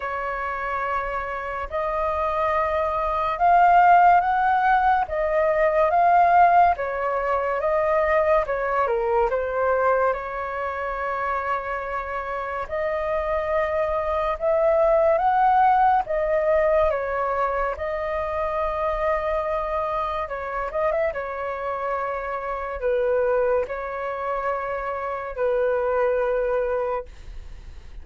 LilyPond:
\new Staff \with { instrumentName = "flute" } { \time 4/4 \tempo 4 = 71 cis''2 dis''2 | f''4 fis''4 dis''4 f''4 | cis''4 dis''4 cis''8 ais'8 c''4 | cis''2. dis''4~ |
dis''4 e''4 fis''4 dis''4 | cis''4 dis''2. | cis''8 dis''16 e''16 cis''2 b'4 | cis''2 b'2 | }